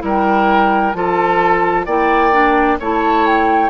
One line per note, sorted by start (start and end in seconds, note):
0.00 0.94 G3
0.00 0.92 E4
0.00 0.97 A#4
0.00 0.93 G5
0.93 1.87 F3
0.93 1.87 F4
0.93 1.86 A4
0.93 1.85 A5
1.86 2.79 A#3
1.86 2.33 E4
1.86 2.78 D5
1.86 2.78 G5
2.33 2.79 D4
2.80 3.70 A3
2.80 3.70 E4
2.80 3.70 C#5
2.80 3.26 A5
3.26 3.70 G5